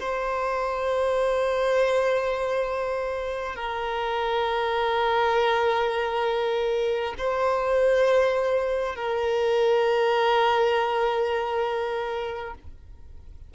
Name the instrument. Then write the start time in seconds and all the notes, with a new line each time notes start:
violin
0.00 C5
3.56 A#4
7.18 C5
8.96 A#4